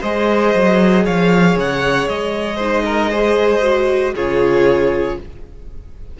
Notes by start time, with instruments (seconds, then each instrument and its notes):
0.00 cello G#3, viola G#4, violin C5 D#5
0.54 cello F#3
1.04 cello F3, violin C#5 F5
1.56 cello C#3, violin F#5
2.07 cello G#3, violin D#5
2.56 viola D#4, violin C5
2.85 violin A#4
3.10 viola G#4, violin C5
3.61 viola F#4
4.14 cello C#3, viola F4, violin G#4 C#5